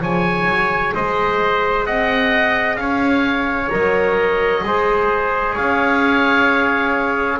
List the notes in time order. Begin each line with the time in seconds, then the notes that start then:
0.00 F3 G#4 C#5 G#5
0.46 F#3
0.95 G#3 C5 D#5
1.85 C4 D#5 F#5
2.76 C#4 C#5 F5
3.69 F#3 A#4 D#5
4.62 G#3 G#4 C5
5.54 C#4 C#5 F5